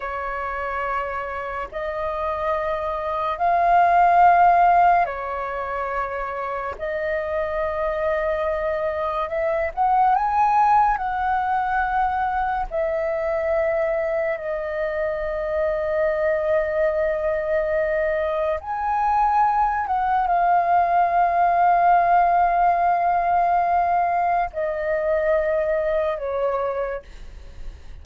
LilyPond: \new Staff \with { instrumentName = "flute" } { \time 4/4 \tempo 4 = 71 cis''2 dis''2 | f''2 cis''2 | dis''2. e''8 fis''8 | gis''4 fis''2 e''4~ |
e''4 dis''2.~ | dis''2 gis''4. fis''8 | f''1~ | f''4 dis''2 cis''4 | }